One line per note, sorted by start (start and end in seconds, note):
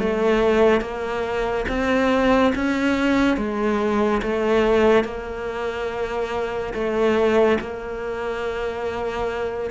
0.00 0.81 A3
0.81 1.66 A#3
1.69 2.54 C4
2.55 3.37 C#4
3.37 4.22 G#3
4.23 5.05 A3
5.05 6.74 A#3
6.74 7.59 A3
7.61 9.71 A#3